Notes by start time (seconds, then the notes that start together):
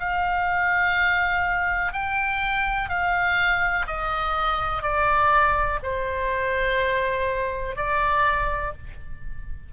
0.00 F5
1.93 G5
2.89 F5
3.87 D#5
4.83 D5
5.83 C5
7.76 D5